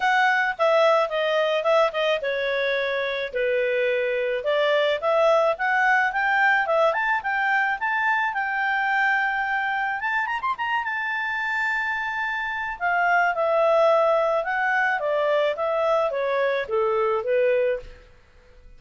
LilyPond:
\new Staff \with { instrumentName = "clarinet" } { \time 4/4 \tempo 4 = 108 fis''4 e''4 dis''4 e''8 dis''8 | cis''2 b'2 | d''4 e''4 fis''4 g''4 | e''8 a''8 g''4 a''4 g''4~ |
g''2 a''8 ais''16 c'''16 ais''8 a''8~ | a''2. f''4 | e''2 fis''4 d''4 | e''4 cis''4 a'4 b'4 | }